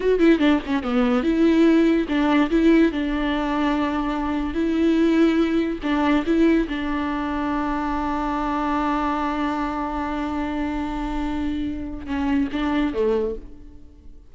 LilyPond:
\new Staff \with { instrumentName = "viola" } { \time 4/4 \tempo 4 = 144 fis'8 e'8 d'8 cis'8 b4 e'4~ | e'4 d'4 e'4 d'4~ | d'2. e'4~ | e'2 d'4 e'4 |
d'1~ | d'1~ | d'1~ | d'4 cis'4 d'4 a4 | }